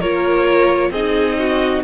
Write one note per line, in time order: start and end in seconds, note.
0.00 0.91 A#3
0.00 0.93 F4
0.00 0.91 A#4
0.00 0.92 C#5
0.91 1.82 C4
0.91 1.84 D#4
0.91 1.38 G#4
0.91 1.84 D#5
1.39 1.84 F#4